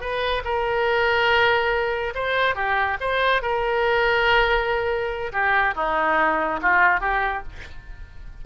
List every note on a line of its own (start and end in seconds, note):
0.00 0.42 B4
0.44 2.13 A#4
2.15 2.55 C5
2.55 2.97 G4
3.00 3.42 C5
3.42 5.32 A#4
5.32 5.74 G4
5.75 6.60 D#4
6.62 7.00 F4
7.00 7.43 G4